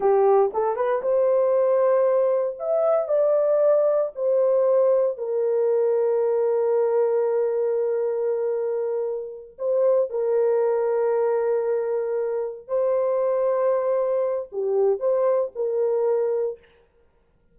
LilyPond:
\new Staff \with { instrumentName = "horn" } { \time 4/4 \tempo 4 = 116 g'4 a'8 b'8 c''2~ | c''4 e''4 d''2 | c''2 ais'2~ | ais'1~ |
ais'2~ ais'8 c''4 ais'8~ | ais'1~ | ais'8 c''2.~ c''8 | g'4 c''4 ais'2 | }